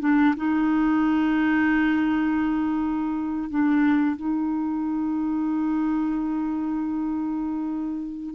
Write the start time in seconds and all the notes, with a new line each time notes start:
0.00 D4
0.36 D#4
3.50 D4
4.16 D#4